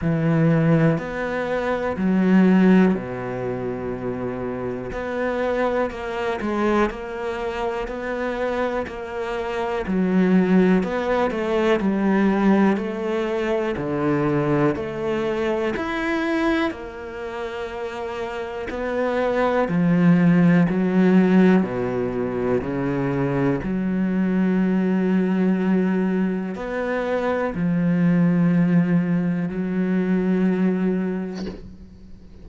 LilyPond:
\new Staff \with { instrumentName = "cello" } { \time 4/4 \tempo 4 = 61 e4 b4 fis4 b,4~ | b,4 b4 ais8 gis8 ais4 | b4 ais4 fis4 b8 a8 | g4 a4 d4 a4 |
e'4 ais2 b4 | f4 fis4 b,4 cis4 | fis2. b4 | f2 fis2 | }